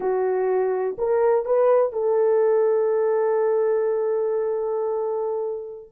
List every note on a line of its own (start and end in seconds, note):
0.00 0.96 F#4
0.98 1.45 A#4
1.45 1.92 B4
1.92 5.91 A4